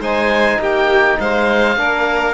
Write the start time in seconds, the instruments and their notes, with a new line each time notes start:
0.00 cello G#3, trombone D#4, violin C5, oboe G#5
0.59 cello A#3, violin G4, oboe G5
1.20 cello G#3, violin C5, oboe F5
1.76 cello A#3, trombone D4, violin A#4